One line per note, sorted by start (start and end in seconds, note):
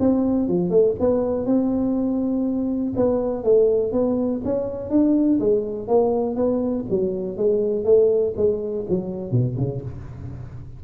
0.00 0.49 C4
0.49 0.70 F3
0.70 0.95 A3
1.00 1.46 B3
1.46 2.94 C4
2.96 3.44 B3
3.44 3.92 A3
3.92 4.42 B3
4.45 4.90 C#4
4.90 5.39 D4
5.40 5.88 G#3
5.88 6.36 A#3
6.36 6.85 B3
6.90 7.37 F#3
7.37 7.85 G#3
7.85 8.34 A3
8.37 8.86 G#3
8.89 9.32 F#3
9.32 9.56 B2
9.57 9.82 C#3